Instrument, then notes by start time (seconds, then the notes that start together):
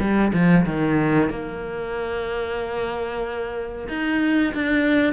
cello
0.00 G3
0.33 F3
0.66 D#3
1.30 A#3
3.89 D#4
4.54 D4